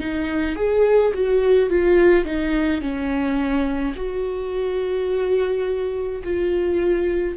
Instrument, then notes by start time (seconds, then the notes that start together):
viola
0.00 D#4
0.56 G#4
1.14 F#4
1.70 F4
2.25 D#4
2.81 C#4
3.96 F#4
6.24 F4